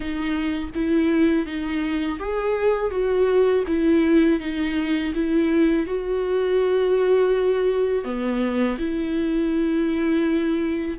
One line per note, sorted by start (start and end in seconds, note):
0.00 0.70 D#4
0.75 1.45 E4
1.45 2.19 D#4
2.19 2.90 G#4
2.90 3.64 F#4
3.67 4.40 E4
4.40 5.13 D#4
5.14 5.86 E4
5.86 8.04 F#4
8.04 8.77 B3
8.78 10.98 E4